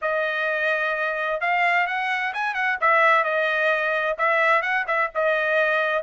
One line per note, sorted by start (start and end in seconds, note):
0.01 1.40 D#5
1.40 1.86 F5
1.86 2.33 F#5
2.33 2.54 G#5
2.54 2.77 F#5
2.80 3.23 E5
3.23 4.16 D#5
4.18 4.62 E5
4.62 4.85 F#5
4.87 5.10 E5
5.15 6.03 D#5